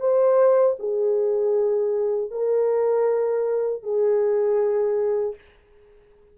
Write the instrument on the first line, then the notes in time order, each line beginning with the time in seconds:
horn
0.00 C5
0.79 G#4
2.31 A#4
3.83 G#4